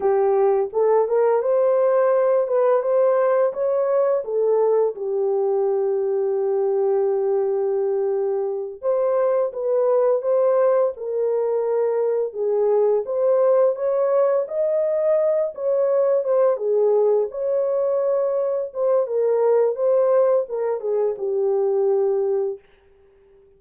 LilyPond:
\new Staff \with { instrumentName = "horn" } { \time 4/4 \tempo 4 = 85 g'4 a'8 ais'8 c''4. b'8 | c''4 cis''4 a'4 g'4~ | g'1~ | g'8 c''4 b'4 c''4 ais'8~ |
ais'4. gis'4 c''4 cis''8~ | cis''8 dis''4. cis''4 c''8 gis'8~ | gis'8 cis''2 c''8 ais'4 | c''4 ais'8 gis'8 g'2 | }